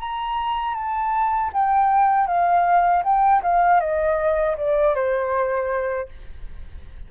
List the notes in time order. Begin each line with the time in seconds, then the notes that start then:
0.00 A#5
0.75 A5
1.53 G5
2.27 F5
3.04 G5
3.43 F5
3.80 D#5
4.57 D5
4.95 C5